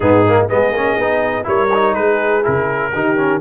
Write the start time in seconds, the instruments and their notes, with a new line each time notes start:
0.00 tuba G#2, trombone B3, horn D#4, trumpet G#4
0.27 trombone A#3
0.48 tuba G#3, trombone B3, horn G#4, trumpet D#5
0.71 tuba A#3, trombone C#4
0.96 tuba B3, trombone D#4
1.43 tuba G3, trombone E4, horn A#4, trumpet C#5
1.73 trombone D#4
1.94 tuba G#3, horn G#4, trumpet B4
2.43 tuba C#3, trombone E4, trumpet A#4
2.93 tuba D#3, trombone D#4, horn G4
3.17 trombone C#4